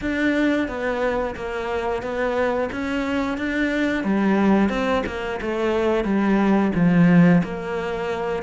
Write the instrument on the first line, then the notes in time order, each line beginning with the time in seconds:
cello
0.01 D4
0.67 B3
1.35 A#3
2.02 B3
2.72 C#4
3.37 D4
4.04 G3
4.69 C4
5.06 A#3
5.41 A3
6.04 G3
6.74 F3
7.43 A#3